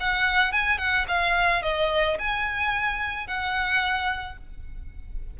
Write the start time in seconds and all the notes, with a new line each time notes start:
0.00 F#5
0.52 G#5
0.78 F#5
1.08 F5
1.62 D#5
2.19 G#5
3.27 F#5